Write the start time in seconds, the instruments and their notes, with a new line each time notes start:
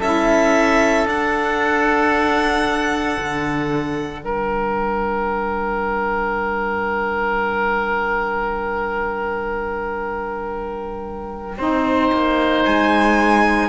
0.00 cello C#4, saxophone E4, oboe A4, violin E5
1.07 cello D4, saxophone D4, violin F#5
3.20 cello D3
4.22 cello G3, oboe A#4, violin G5
11.58 cello C4, saxophone D#4, oboe C5
12.13 cello A#3
12.66 cello G#3, violin G#5